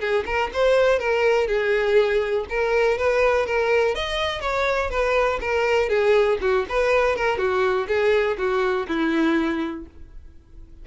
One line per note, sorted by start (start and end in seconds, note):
0.00 0.25 G#4
0.26 0.51 A#4
0.54 0.99 C5
0.99 1.48 A#4
1.48 2.46 G#4
2.50 2.98 A#4
2.98 3.46 B4
3.46 3.95 A#4
3.95 4.42 D#5
4.42 4.91 C#5
4.91 5.40 B4
5.41 5.90 A#4
5.90 6.39 G#4
6.41 6.66 F#4
6.70 7.16 B4
7.16 7.38 A#4
7.38 7.87 F#4
7.88 8.37 G#4
8.38 8.87 F#4
8.88 9.87 E4